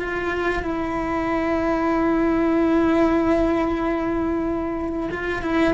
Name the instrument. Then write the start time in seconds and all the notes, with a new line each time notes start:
cello
0.00 F4
0.63 E4
5.11 F4
5.42 E4